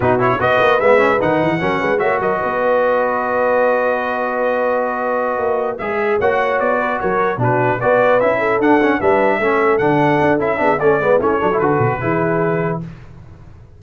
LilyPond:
<<
  \new Staff \with { instrumentName = "trumpet" } { \time 4/4 \tempo 4 = 150 b'8 cis''8 dis''4 e''4 fis''4~ | fis''4 e''8 dis''2~ dis''8~ | dis''1~ | dis''2~ dis''8 e''4 fis''8~ |
fis''8 d''4 cis''4 b'4 d''8~ | d''8 e''4 fis''4 e''4.~ | e''8 fis''4. e''4 d''4 | cis''4 b'2. | }
  \new Staff \with { instrumentName = "horn" } { \time 4/4 fis'4 b'2. | ais'8 b'8 cis''8 ais'8 b'2~ | b'1~ | b'2.~ b'8 cis''8~ |
cis''4 b'8 ais'4 fis'4 b'8~ | b'4 a'4. b'4 a'8~ | a'2~ a'8 gis'8 a'8 b'8 | e'8 a'4. gis'2 | }
  \new Staff \with { instrumentName = "trombone" } { \time 4/4 dis'8 e'8 fis'4 b8 cis'8 dis'4 | cis'4 fis'2.~ | fis'1~ | fis'2~ fis'8 gis'4 fis'8~ |
fis'2~ fis'8 d'4 fis'8~ | fis'8 e'4 d'8 cis'8 d'4 cis'8~ | cis'8 d'4. e'8 d'8 cis'8 b8 | cis'8 d'16 e'16 fis'4 e'2 | }
  \new Staff \with { instrumentName = "tuba" } { \time 4/4 b,4 b8 ais8 gis4 dis8 e8 | fis8 gis8 ais8 fis8 b2~ | b1~ | b4. ais4 gis4 ais8~ |
ais8 b4 fis4 b,4 b8~ | b8 cis'4 d'4 g4 a8~ | a8 d4 d'8 cis'8 b8 a8 gis8 | a8 fis8 d8 b,8 e2 | }
>>